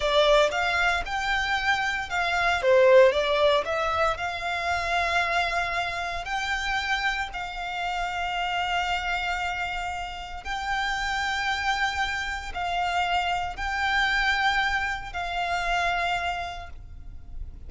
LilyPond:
\new Staff \with { instrumentName = "violin" } { \time 4/4 \tempo 4 = 115 d''4 f''4 g''2 | f''4 c''4 d''4 e''4 | f''1 | g''2 f''2~ |
f''1 | g''1 | f''2 g''2~ | g''4 f''2. | }